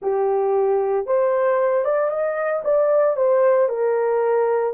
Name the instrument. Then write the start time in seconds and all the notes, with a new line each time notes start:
horn
0.02 G4
1.06 C5
1.84 D5
2.10 D#5
2.64 D5
3.16 C5
3.68 A#4